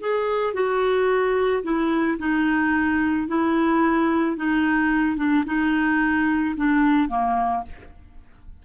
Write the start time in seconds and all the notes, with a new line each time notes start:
0.00 G#4
0.53 F#4
1.63 E4
2.18 D#4
3.28 E4
4.36 D#4
5.17 D4
5.46 D#4
6.56 D4
7.09 A#3